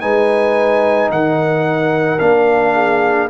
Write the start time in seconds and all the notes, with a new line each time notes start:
0.00 G#3 D#4 B4 G#5
1.10 D#3 A#4 F#5
2.19 A#3 D4 F5
2.74 G#4